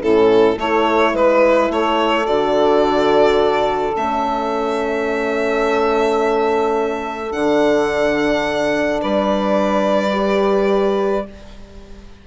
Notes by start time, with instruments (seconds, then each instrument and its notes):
0.00 bassoon A2, horn C#4, saxophone E4, violin A4
0.57 bassoon A3, horn E4, saxophone A4, violin C#5
1.13 bassoon G#3, saxophone B4, violin B4
1.70 bassoon A3, saxophone A4, violin C#5
2.26 bassoon D3, horn F#4, violin D5
3.95 bassoon A3, horn C#4, violin E5
7.31 bassoon D3, horn D4, violin F#5
9.01 bassoon G3, saxophone B4, violin D5
10.12 horn G4